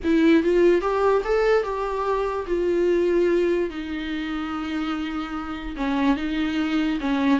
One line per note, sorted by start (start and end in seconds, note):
0.04 0.43 E4
0.43 0.81 F4
0.81 1.22 G4
1.24 1.63 A4
1.63 2.45 G4
2.46 3.69 F4
3.70 5.75 D#4
5.76 6.16 C#4
6.16 6.98 D#4
7.00 7.39 C#4